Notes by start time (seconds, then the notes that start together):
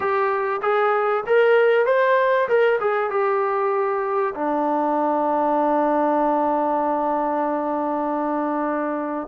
0.00 G4
0.62 G#4
1.26 A#4
1.86 C5
2.48 A#4
2.80 G#4
3.10 G4
4.34 D4